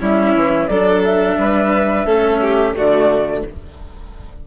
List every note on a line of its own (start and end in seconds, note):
0.00 0.35 G3
0.00 0.69 C#4
0.00 0.69 E4
0.00 0.67 E5
0.35 0.68 E3
0.67 1.37 F#3
0.67 2.07 D4
0.67 1.38 A4
0.67 1.02 D5
1.04 2.75 E5
1.38 2.05 G3
1.38 2.05 B4
2.05 2.74 A3
2.05 2.74 C#4
2.05 2.40 A4
2.41 2.76 G4
2.74 3.47 D3
2.74 3.43 A3
2.74 3.45 F#4
2.74 3.44 D5